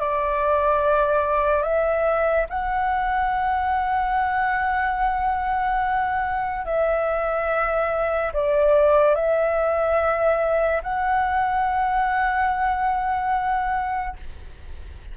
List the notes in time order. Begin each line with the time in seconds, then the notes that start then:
0.00 D5
1.62 E5
2.50 F#5
6.66 E5
8.33 D5
9.16 E5
10.83 F#5